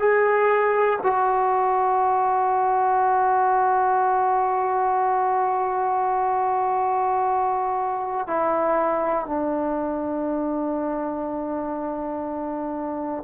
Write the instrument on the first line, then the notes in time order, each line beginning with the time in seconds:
trombone
0.00 G#4
1.03 F#4
8.27 E4
9.26 D4